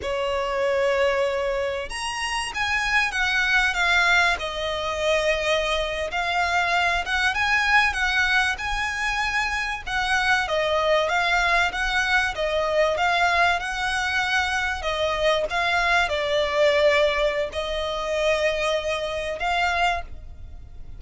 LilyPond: \new Staff \with { instrumentName = "violin" } { \time 4/4 \tempo 4 = 96 cis''2. ais''4 | gis''4 fis''4 f''4 dis''4~ | dis''4.~ dis''16 f''4. fis''8 gis''16~ | gis''8. fis''4 gis''2 fis''16~ |
fis''8. dis''4 f''4 fis''4 dis''16~ | dis''8. f''4 fis''2 dis''16~ | dis''8. f''4 d''2~ d''16 | dis''2. f''4 | }